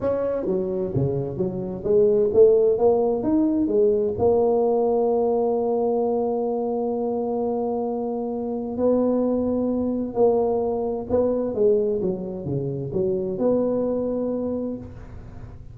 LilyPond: \new Staff \with { instrumentName = "tuba" } { \time 4/4 \tempo 4 = 130 cis'4 fis4 cis4 fis4 | gis4 a4 ais4 dis'4 | gis4 ais2.~ | ais1~ |
ais2. b4~ | b2 ais2 | b4 gis4 fis4 cis4 | fis4 b2. | }